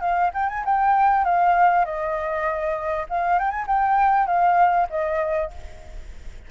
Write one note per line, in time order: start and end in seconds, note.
0.00 0.30 F5
0.33 0.48 G5
0.49 0.64 G#5
0.64 1.24 G5
1.24 1.85 F5
1.85 3.06 D#5
3.09 3.39 F5
3.39 3.50 G5
3.50 3.65 G#5
3.67 4.26 G5
4.26 4.87 F5
4.90 5.50 D#5